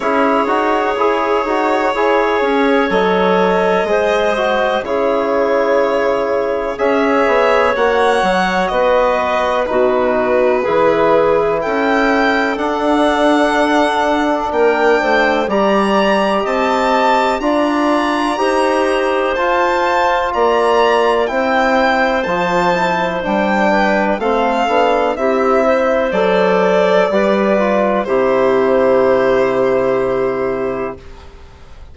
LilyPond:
<<
  \new Staff \with { instrumentName = "violin" } { \time 4/4 \tempo 4 = 62 cis''2. dis''4~ | dis''4 cis''2 e''4 | fis''4 dis''4 b'2 | g''4 fis''2 g''4 |
ais''4 a''4 ais''2 | a''4 ais''4 g''4 a''4 | g''4 f''4 e''4 d''4~ | d''4 c''2. | }
  \new Staff \with { instrumentName = "clarinet" } { \time 4/4 gis'2 cis''2 | c''4 gis'2 cis''4~ | cis''4 b'4 fis'4 gis'4 | a'2. ais'8 c''8 |
d''4 dis''4 d''4 c''4~ | c''4 d''4 c''2~ | c''8 b'8 a'4 g'8 c''4. | b'4 g'2. | }
  \new Staff \with { instrumentName = "trombone" } { \time 4/4 e'8 fis'8 gis'8 fis'8 gis'4 a'4 | gis'8 fis'8 e'2 gis'4 | fis'2 dis'4 e'4~ | e'4 d'2. |
g'2 f'4 g'4 | f'2 e'4 f'8 e'8 | d'4 c'8 d'8 e'4 a'4 | g'8 f'8 e'2. | }
  \new Staff \with { instrumentName = "bassoon" } { \time 4/4 cis'8 dis'8 e'8 dis'8 e'8 cis'8 fis4 | gis4 cis2 cis'8 b8 | ais8 fis8 b4 b,4 e4 | cis'4 d'2 ais8 a8 |
g4 c'4 d'4 dis'4 | f'4 ais4 c'4 f4 | g4 a8 b8 c'4 fis4 | g4 c2. | }
>>